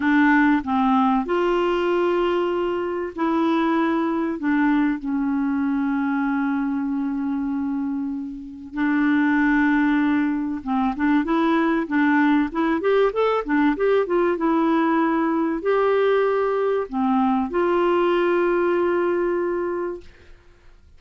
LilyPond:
\new Staff \with { instrumentName = "clarinet" } { \time 4/4 \tempo 4 = 96 d'4 c'4 f'2~ | f'4 e'2 d'4 | cis'1~ | cis'2 d'2~ |
d'4 c'8 d'8 e'4 d'4 | e'8 g'8 a'8 d'8 g'8 f'8 e'4~ | e'4 g'2 c'4 | f'1 | }